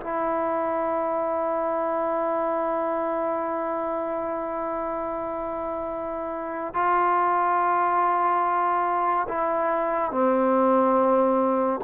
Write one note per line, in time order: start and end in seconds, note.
0.00 6.73 E4
6.73 9.27 F4
9.28 10.11 E4
10.11 11.80 C4